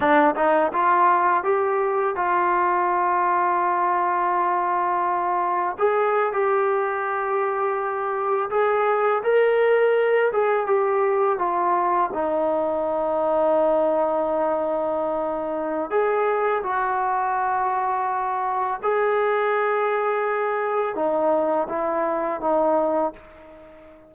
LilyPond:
\new Staff \with { instrumentName = "trombone" } { \time 4/4 \tempo 4 = 83 d'8 dis'8 f'4 g'4 f'4~ | f'1 | gis'8. g'2. gis'16~ | gis'8. ais'4. gis'8 g'4 f'16~ |
f'8. dis'2.~ dis'16~ | dis'2 gis'4 fis'4~ | fis'2 gis'2~ | gis'4 dis'4 e'4 dis'4 | }